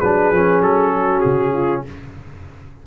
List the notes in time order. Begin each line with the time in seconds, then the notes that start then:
0.00 F#3 D4 G#4 B4
0.32 F3 C#4
0.61 F#3 A4
0.94 F#4
1.21 C#3 G#4
1.53 F4